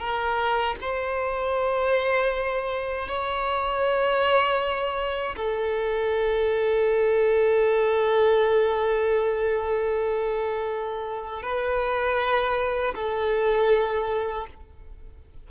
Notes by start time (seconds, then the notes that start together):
0.00 A#4
0.81 C5
3.08 C#5
5.36 A4
11.42 B4
12.95 A4